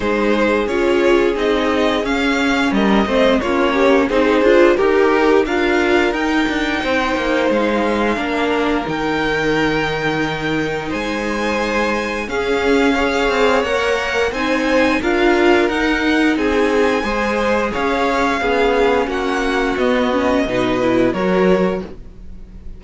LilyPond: <<
  \new Staff \with { instrumentName = "violin" } { \time 4/4 \tempo 4 = 88 c''4 cis''4 dis''4 f''4 | dis''4 cis''4 c''4 ais'4 | f''4 g''2 f''4~ | f''4 g''2. |
gis''2 f''2 | fis''4 gis''4 f''4 fis''4 | gis''2 f''2 | fis''4 dis''2 cis''4 | }
  \new Staff \with { instrumentName = "violin" } { \time 4/4 gis'1 | ais'8 c''8 f'8 g'8 gis'4 g'4 | ais'2 c''2 | ais'1 |
c''2 gis'4 cis''4~ | cis''4 c''4 ais'2 | gis'4 c''4 cis''4 gis'4 | fis'2 b'4 ais'4 | }
  \new Staff \with { instrumentName = "viola" } { \time 4/4 dis'4 f'4 dis'4 cis'4~ | cis'8 c'8 cis'4 dis'8 f'8 g'4 | f'4 dis'2. | d'4 dis'2.~ |
dis'2 cis'4 gis'4 | ais'4 dis'4 f'4 dis'4~ | dis'4 gis'2 cis'4~ | cis'4 b8 cis'8 dis'8 e'8 fis'4 | }
  \new Staff \with { instrumentName = "cello" } { \time 4/4 gis4 cis'4 c'4 cis'4 | g8 a8 ais4 c'8 d'8 dis'4 | d'4 dis'8 d'8 c'8 ais8 gis4 | ais4 dis2. |
gis2 cis'4. c'8 | ais4 c'4 d'4 dis'4 | c'4 gis4 cis'4 b4 | ais4 b4 b,4 fis4 | }
>>